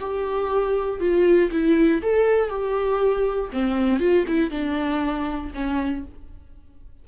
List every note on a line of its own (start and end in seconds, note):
0.00 1.00 G4
1.00 1.51 F4
1.51 2.02 E4
2.02 2.49 A4
2.49 3.50 G4
3.53 3.99 C4
3.99 4.25 F4
4.28 4.51 E4
4.51 5.51 D4
5.54 6.05 C#4